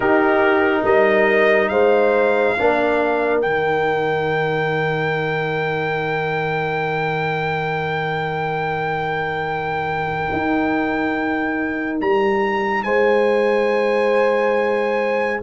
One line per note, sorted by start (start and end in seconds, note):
0.00 0.83 D#4
0.00 2.57 D#4
0.00 0.82 G4
0.00 0.84 A#4
0.83 1.69 G3
0.83 1.70 A#4
0.83 1.68 D#5
1.68 2.55 G#3
1.68 2.56 C5
1.68 3.39 F5
2.58 3.43 A#3
2.58 3.42 D4
2.58 12.83 A#4
3.41 10.29 D#3
3.41 15.42 D#4
3.41 11.98 G5
10.32 12.00 D#4
12.00 12.84 G3
12.00 12.83 A#5
12.83 15.41 G#3
12.83 15.40 C5
12.83 15.40 G#5